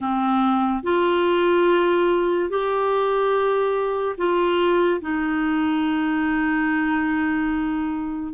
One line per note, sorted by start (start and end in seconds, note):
0.00 0.83 C4
0.83 2.49 F4
2.49 4.16 G4
4.17 5.00 F4
5.01 8.33 D#4